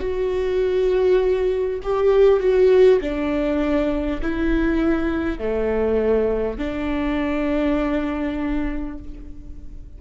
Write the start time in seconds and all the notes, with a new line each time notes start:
0.00 F#4
1.83 G4
2.40 F#4
3.01 D4
4.22 E4
5.39 A3
6.58 D4